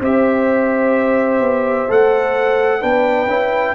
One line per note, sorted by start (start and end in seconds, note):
0.00 1.40 C4
0.00 1.88 G4
0.00 2.80 C5
0.00 1.91 E5
1.40 1.87 B3
1.88 2.83 A3
1.88 2.81 A4
1.88 2.82 F#5
2.80 3.26 B3
2.80 3.28 D4
2.80 3.74 B4
2.80 3.75 G5
3.26 3.73 C#4
3.26 3.75 E4